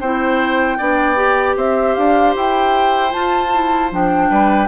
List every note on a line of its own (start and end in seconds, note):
0.00 0.78 C4
0.00 0.79 E4
0.00 0.78 C5
0.00 1.56 G5
0.78 1.57 B3
0.78 1.16 D4
0.78 1.56 D5
1.16 3.10 G4
1.57 1.96 C4
1.57 4.29 C5
1.57 1.95 E5
1.95 2.36 D4
1.95 2.34 F5
2.36 3.13 E4
2.36 3.12 G5
3.10 3.49 F4
3.10 3.92 F4
3.10 3.90 A5
3.54 3.91 E4
3.91 4.30 F3
3.91 4.68 D4
3.91 4.68 G5
4.30 4.68 G3
4.30 4.68 B4